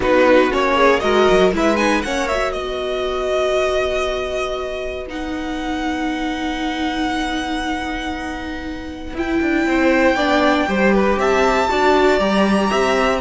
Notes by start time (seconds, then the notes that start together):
0.00 B3 D#4 F#4 B4
0.51 A#3 C#4 C#5
0.75 G#4
0.99 G#3 F#4 A#4 D#5
1.31 F#3
1.52 G#3 E4 B4 E5
1.76 D#4 G#5
2.02 A#3 C#4 C#5 F#5
2.27 F#4 E5
2.52 B3 B4 D#5
5.07 D#4 F#5
9.13 E4 G5
9.41 D4
9.65 C4 C5
10.15 B3 D4 D5
10.67 G3 G4 C5
10.94 B4
11.16 C4 E5 A5
11.69 D4 F#4 D5
12.19 G3 G4 A#5
12.70 C4 E5